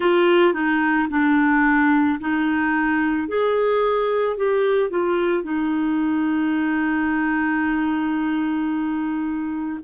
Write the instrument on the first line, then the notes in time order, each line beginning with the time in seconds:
clarinet
0.00 F4
0.53 D#4
1.10 D4
2.20 D#4
3.27 G#4
4.36 G4
4.90 F4
5.43 D#4